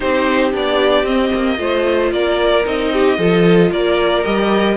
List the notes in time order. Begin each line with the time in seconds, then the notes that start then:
0.00 C4 D#4 G4 C5
0.51 B3 D4 D5
1.03 C4 D#5
1.34 A#3
1.57 A3 F4 C5
2.11 A#3 A#4 D5
2.64 C4 D#4 D#5
2.93 G4
3.18 F3 F4 A4
3.71 A#3 A#4 D5
4.23 G3 G4 D#5